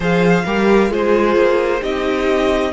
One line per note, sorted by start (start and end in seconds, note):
0.00 0.44 F3
0.00 0.44 G#4
0.00 0.44 C5
0.00 0.92 F5
0.45 0.91 G3
0.45 0.89 G4
0.45 0.90 A#4
0.89 1.35 G#3
0.89 1.80 F4
0.89 1.81 G#4
0.89 1.83 C5
1.35 1.81 A#3
1.81 2.73 C4
1.81 2.72 D#4
1.81 2.72 G4
1.81 2.73 D#5